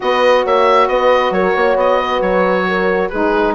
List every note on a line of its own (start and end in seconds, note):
0.00 0.45 B3
0.00 3.10 F#4
0.00 0.43 B4
0.00 0.45 D#5
0.43 0.88 A#3
0.43 0.88 C#5
0.43 0.88 E5
0.88 1.30 B3
0.88 1.34 B4
0.88 1.32 D#5
1.30 1.53 F#3
1.30 1.56 A#4
1.30 1.77 C#5
1.56 1.75 A#3
1.56 1.99 C#5
1.75 2.20 B3
1.75 2.21 D#5
1.99 2.66 B4
2.21 3.10 F#3
2.21 3.09 C#5
2.67 3.10 A#4
3.09 3.55 G#3
3.09 3.55 D#4
3.09 3.54 G#4
3.09 3.53 B4